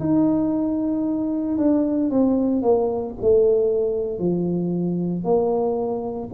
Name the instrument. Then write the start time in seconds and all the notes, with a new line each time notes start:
tuba
0.00 D#4
1.58 D4
2.11 C4
2.62 A#3
3.22 A3
4.19 F3
5.24 A#3